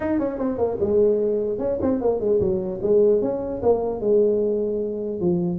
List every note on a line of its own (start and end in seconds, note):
0.00 0.19 D#4
0.19 0.38 C#4
0.38 0.58 C4
0.58 0.78 A#3
0.80 1.59 G#3
1.59 1.79 C#4
1.81 2.01 C4
2.01 2.19 A#3
2.19 2.39 G#3
2.40 2.80 F#3
2.82 3.21 G#3
3.21 3.61 C#4
3.62 4.00 A#3
4.00 5.20 G#3
5.20 5.59 F3